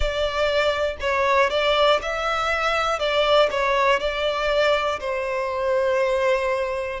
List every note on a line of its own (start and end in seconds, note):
0.00 0.96 D5
1.00 1.50 C#5
1.50 2.00 D5
2.02 2.99 E5
2.99 3.49 D5
3.50 4.00 C#5
4.00 5.00 D5
5.00 7.00 C5